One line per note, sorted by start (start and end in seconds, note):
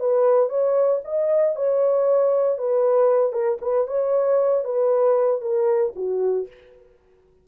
0.00 0.50 B4
0.50 1.01 C#5
1.05 1.56 D#5
1.56 2.59 C#5
2.59 3.33 B4
3.33 3.59 A#4
3.62 3.87 B4
3.88 4.65 C#5
4.65 5.42 B4
5.42 5.94 A#4
5.96 6.48 F#4